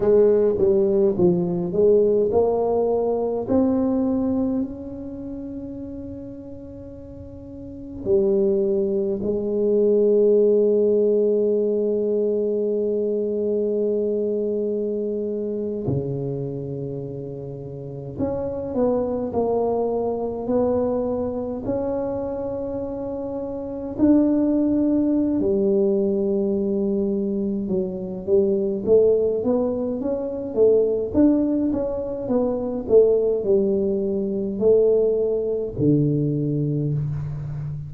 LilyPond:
\new Staff \with { instrumentName = "tuba" } { \time 4/4 \tempo 4 = 52 gis8 g8 f8 gis8 ais4 c'4 | cis'2. g4 | gis1~ | gis4.~ gis16 cis2 cis'16~ |
cis'16 b8 ais4 b4 cis'4~ cis'16~ | cis'8. d'4~ d'16 g2 | fis8 g8 a8 b8 cis'8 a8 d'8 cis'8 | b8 a8 g4 a4 d4 | }